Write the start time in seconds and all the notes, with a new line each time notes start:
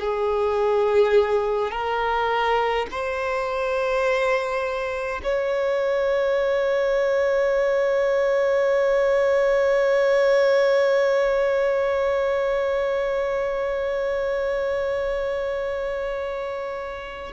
0.00 G#4
1.72 A#4
2.91 C5
5.23 C#5